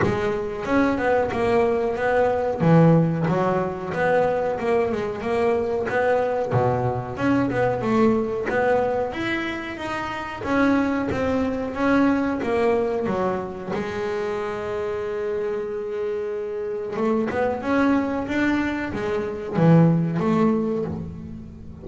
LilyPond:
\new Staff \with { instrumentName = "double bass" } { \time 4/4 \tempo 4 = 92 gis4 cis'8 b8 ais4 b4 | e4 fis4 b4 ais8 gis8 | ais4 b4 b,4 cis'8 b8 | a4 b4 e'4 dis'4 |
cis'4 c'4 cis'4 ais4 | fis4 gis2.~ | gis2 a8 b8 cis'4 | d'4 gis4 e4 a4 | }